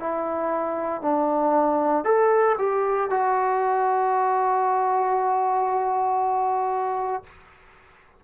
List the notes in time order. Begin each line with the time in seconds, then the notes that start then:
0.00 E4
1.02 D4
2.05 A4
2.59 G4
3.10 F#4